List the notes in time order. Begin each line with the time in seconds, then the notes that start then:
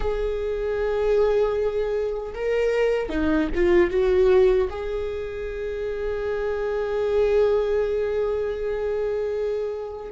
0.00 G#4
2.34 A#4
3.09 D#4
3.55 F4
3.90 F#4
4.69 G#4